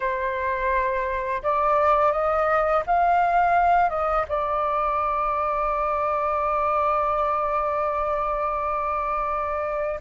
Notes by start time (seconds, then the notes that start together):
0.00 C5
1.43 D5
2.11 D#5
2.86 F5
3.89 D#5
4.28 D5